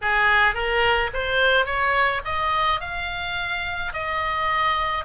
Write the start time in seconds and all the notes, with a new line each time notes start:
0.01 G#4
0.54 A#4
1.13 C5
1.65 C#5
2.24 D#5
2.80 F5
3.93 D#5